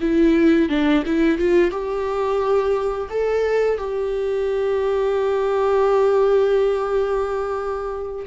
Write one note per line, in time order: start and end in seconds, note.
0.00 0.69 E4
0.69 1.03 D4
1.05 1.38 E4
1.38 1.71 F4
1.71 3.09 G4
3.09 3.77 A4
3.77 8.26 G4